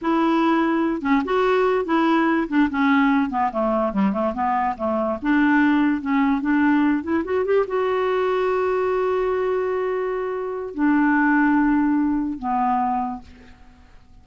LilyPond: \new Staff \with { instrumentName = "clarinet" } { \time 4/4 \tempo 4 = 145 e'2~ e'8 cis'8 fis'4~ | fis'8 e'4. d'8 cis'4. | b8 a4 g8 a8 b4 a8~ | a8 d'2 cis'4 d'8~ |
d'4 e'8 fis'8 g'8 fis'4.~ | fis'1~ | fis'2 d'2~ | d'2 b2 | }